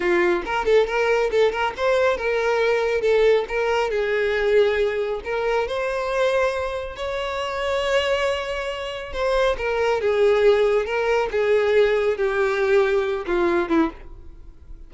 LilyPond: \new Staff \with { instrumentName = "violin" } { \time 4/4 \tempo 4 = 138 f'4 ais'8 a'8 ais'4 a'8 ais'8 | c''4 ais'2 a'4 | ais'4 gis'2. | ais'4 c''2. |
cis''1~ | cis''4 c''4 ais'4 gis'4~ | gis'4 ais'4 gis'2 | g'2~ g'8 f'4 e'8 | }